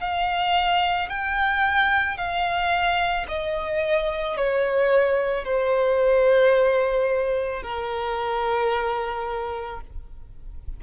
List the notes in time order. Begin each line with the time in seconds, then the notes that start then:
0.00 F5
1.09 G5
2.17 F5
3.28 D#5
4.37 C#5
5.44 C5
7.63 A#4